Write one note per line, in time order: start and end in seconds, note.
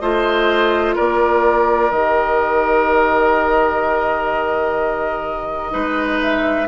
0.00 0.96 A3
0.00 1.91 F4
0.00 0.96 C5
0.00 0.95 D#5
0.96 1.92 A#3
0.96 5.72 A#4
0.96 1.92 D5
1.91 5.73 D#3
1.91 5.71 G4
1.91 6.20 D#5
5.71 6.68 G#3
5.71 6.66 D#4
5.71 6.68 B4
6.22 6.68 E5